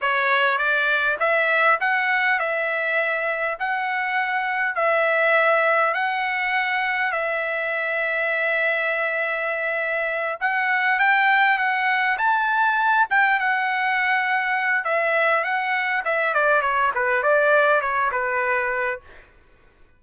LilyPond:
\new Staff \with { instrumentName = "trumpet" } { \time 4/4 \tempo 4 = 101 cis''4 d''4 e''4 fis''4 | e''2 fis''2 | e''2 fis''2 | e''1~ |
e''4. fis''4 g''4 fis''8~ | fis''8 a''4. g''8 fis''4.~ | fis''4 e''4 fis''4 e''8 d''8 | cis''8 b'8 d''4 cis''8 b'4. | }